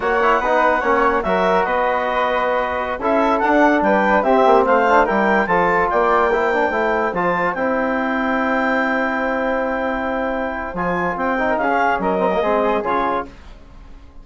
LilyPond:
<<
  \new Staff \with { instrumentName = "clarinet" } { \time 4/4 \tempo 4 = 145 fis''2. e''4 | dis''2.~ dis''16 e''8.~ | e''16 fis''4 g''4 e''4 f''8.~ | f''16 g''4 a''4 g''4.~ g''16~ |
g''4~ g''16 a''4 g''4.~ g''16~ | g''1~ | g''2 gis''4 g''4 | f''4 dis''2 cis''4 | }
  \new Staff \with { instrumentName = "flute" } { \time 4/4 cis''4 b'4 cis''4 ais'4 | b'2.~ b'16 a'8.~ | a'4~ a'16 b'4 g'4 c''8.~ | c''16 ais'4 a'4 d''4 c''8.~ |
c''1~ | c''1~ | c''2.~ c''8. ais'16 | gis'4 ais'4 gis'2 | }
  \new Staff \with { instrumentName = "trombone" } { \time 4/4 fis'8 e'8 dis'4 cis'4 fis'4~ | fis'2.~ fis'16 e'8.~ | e'16 d'2 c'4. d'16~ | d'16 e'4 f'2 e'8 d'16~ |
d'16 e'4 f'4 e'4.~ e'16~ | e'1~ | e'2 f'4. dis'8~ | dis'16 cis'4~ cis'16 c'16 ais16 c'4 f'4 | }
  \new Staff \with { instrumentName = "bassoon" } { \time 4/4 ais4 b4 ais4 fis4 | b2.~ b16 cis'8.~ | cis'16 d'4 g4 c'8 ais8 a8.~ | a16 g4 f4 ais4.~ ais16~ |
ais16 a4 f4 c'4.~ c'16~ | c'1~ | c'2 f4 c'4 | cis'4 fis4 gis4 cis4 | }
>>